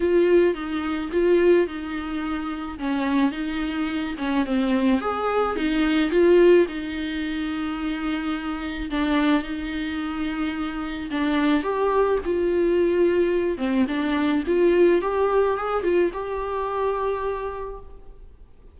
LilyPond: \new Staff \with { instrumentName = "viola" } { \time 4/4 \tempo 4 = 108 f'4 dis'4 f'4 dis'4~ | dis'4 cis'4 dis'4. cis'8 | c'4 gis'4 dis'4 f'4 | dis'1 |
d'4 dis'2. | d'4 g'4 f'2~ | f'8 c'8 d'4 f'4 g'4 | gis'8 f'8 g'2. | }